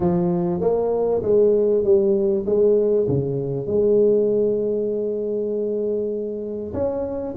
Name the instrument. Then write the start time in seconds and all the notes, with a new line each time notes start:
tuba
0.00 F3
0.60 A#3
1.22 G#3
1.84 G3
2.46 G#3
3.08 C#3
3.67 G#3
6.73 C#4